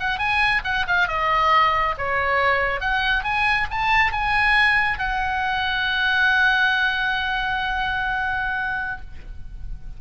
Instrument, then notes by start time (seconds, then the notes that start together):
oboe
0.00 F#5
0.19 G#5
0.64 F#5
0.88 F5
1.08 D#5
1.98 C#5
2.80 F#5
3.24 G#5
3.71 A5
4.12 G#5
4.99 F#5